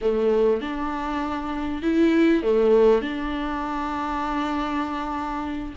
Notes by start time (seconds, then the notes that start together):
0.01 A3
0.61 D4
1.82 E4
2.42 A3
3.01 D4